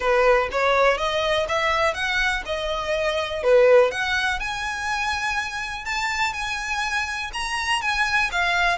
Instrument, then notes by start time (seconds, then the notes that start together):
violin
0.00 B4
0.51 C#5
0.97 D#5
1.48 E5
1.94 F#5
2.45 D#5
3.43 B4
3.91 F#5
4.39 G#5
5.85 A5
6.33 G#5
7.33 A#5
7.81 G#5
8.31 F5